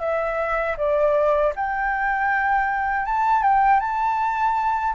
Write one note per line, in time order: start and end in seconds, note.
0.00 0.76 E5
0.77 1.53 D5
1.55 3.06 G5
3.06 3.42 A5
3.42 3.80 G5
3.80 4.94 A5